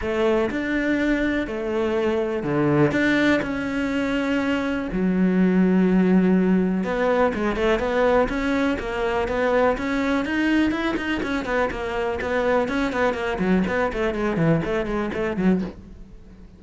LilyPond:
\new Staff \with { instrumentName = "cello" } { \time 4/4 \tempo 4 = 123 a4 d'2 a4~ | a4 d4 d'4 cis'4~ | cis'2 fis2~ | fis2 b4 gis8 a8 |
b4 cis'4 ais4 b4 | cis'4 dis'4 e'8 dis'8 cis'8 b8 | ais4 b4 cis'8 b8 ais8 fis8 | b8 a8 gis8 e8 a8 gis8 a8 fis8 | }